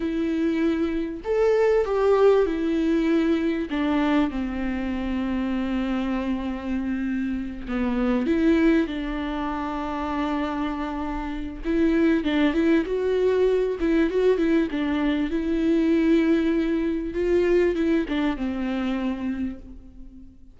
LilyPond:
\new Staff \with { instrumentName = "viola" } { \time 4/4 \tempo 4 = 98 e'2 a'4 g'4 | e'2 d'4 c'4~ | c'1~ | c'8 b4 e'4 d'4.~ |
d'2. e'4 | d'8 e'8 fis'4. e'8 fis'8 e'8 | d'4 e'2. | f'4 e'8 d'8 c'2 | }